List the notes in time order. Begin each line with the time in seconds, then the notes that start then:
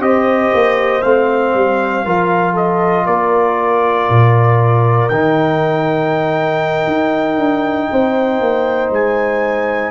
0.00 C4 G4 C5 D#5
0.54 A#3
1.02 A3 C4 F5
1.54 G3
2.05 F3 F4 A#4
2.53 A4 D#5
3.06 A#3 A#4 D5
4.09 A#2
5.09 D#3 D#4 G5
6.87 D#4
7.38 D4
7.91 C4 C5
8.40 A#3
8.90 G#3 G#5